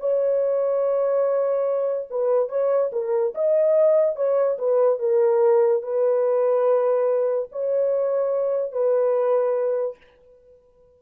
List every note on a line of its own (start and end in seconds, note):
0.00 2.08 C#5
2.11 2.50 B4
2.50 2.91 C#5
2.92 3.34 A#4
3.35 4.16 D#5
4.16 4.58 C#5
4.58 5.00 B4
5.00 5.83 A#4
5.83 7.50 B4
7.52 8.72 C#5
8.72 9.97 B4